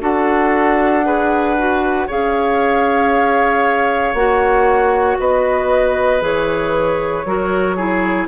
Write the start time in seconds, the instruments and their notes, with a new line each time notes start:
0.00 bassoon D4, clarinet F#4, oboe A4, flute F#5
1.04 clarinet G#4, oboe B4
1.58 clarinet F#4
2.07 bassoon C#4, clarinet G#4, oboe C#5, flute F5
4.14 bassoon A#3, clarinet F#4, flute F#5
5.19 bassoon B3, oboe B4, flute D#5
6.21 bassoon E3, clarinet G#4, flute C#5
7.25 bassoon F#3, clarinet F#4, oboe A#4
7.76 clarinet E4, oboe G#4